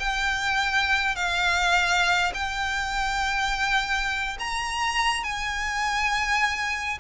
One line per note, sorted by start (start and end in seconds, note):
0.00 1.16 G5
1.16 2.32 F5
2.34 4.38 G5
4.40 5.24 A#5
5.24 6.98 G#5